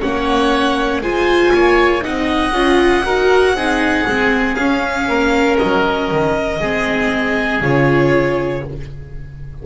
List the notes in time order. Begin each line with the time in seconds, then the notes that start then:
0.00 A#3 C#4 C#5 F#5
1.01 G#3 F4 C5 G#5
1.53 A#3 C#5
2.01 C4 D#4 D#5 F#5
2.52 C#4 F4
3.06 D#4 F#4 A#4
3.54 C4 D#4 G#4
4.07 G#3 C4
4.55 C#4 F5
5.08 A#3 A#4
5.58 F#3 D#5
6.11 D#3
6.60 G#3 C4 G#4
7.61 C#3 F4 C#5